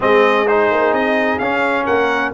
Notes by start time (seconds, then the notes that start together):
0.00 G#3 C4 G#4 D#5
0.47 D#4 C5
0.71 A#3
0.92 C4 D#5
1.38 C#4 F5
1.84 A#3 A#4 F#5